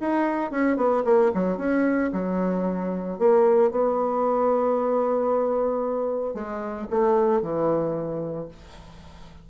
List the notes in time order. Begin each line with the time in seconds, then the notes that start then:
0.00 D#4
0.51 C#4
0.77 B3
1.05 A#3
1.34 F#3
1.57 C#4
2.13 F#3
3.18 A#3
3.71 B3
6.34 G#3
6.90 A3
7.42 E3